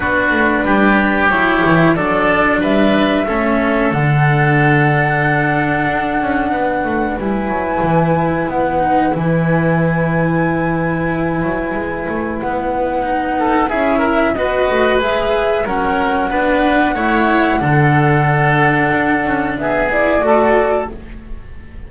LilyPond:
<<
  \new Staff \with { instrumentName = "flute" } { \time 4/4 \tempo 4 = 92 b'2 cis''4 d''4 | e''2 fis''2~ | fis''2. gis''4~ | gis''4 fis''4 gis''2~ |
gis''2. fis''4~ | fis''4 e''4 dis''4 e''4 | fis''1~ | fis''2 e''8 d''4. | }
  \new Staff \with { instrumentName = "oboe" } { \time 4/4 fis'4 g'2 a'4 | b'4 a'2.~ | a'2 b'2~ | b'1~ |
b'1~ | b'8 a'8 gis'8 ais'8 b'2 | ais'4 b'4 cis''4 a'4~ | a'2 gis'4 a'4 | }
  \new Staff \with { instrumentName = "cello" } { \time 4/4 d'2 e'4 d'4~ | d'4 cis'4 d'2~ | d'2. e'4~ | e'4. dis'8 e'2~ |
e'1 | dis'4 e'4 fis'4 gis'4 | cis'4 d'4 e'4 d'4~ | d'2~ d'8 e'8 fis'4 | }
  \new Staff \with { instrumentName = "double bass" } { \time 4/4 b8 a8 g4 fis8 e8 fis4 | g4 a4 d2~ | d4 d'8 cis'8 b8 a8 g8 fis8 | e4 b4 e2~ |
e4. fis8 gis8 a8 b4~ | b4 cis'4 b8 a8 gis4 | fis4 b4 a4 d4~ | d4 d'8 cis'8 b4 a4 | }
>>